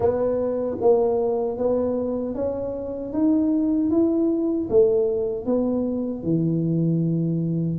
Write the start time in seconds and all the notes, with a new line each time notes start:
0.00 B3
0.80 A#3
1.57 B3
2.34 C#4
3.12 D#4
3.90 E4
4.69 A3
5.45 B3
6.23 E3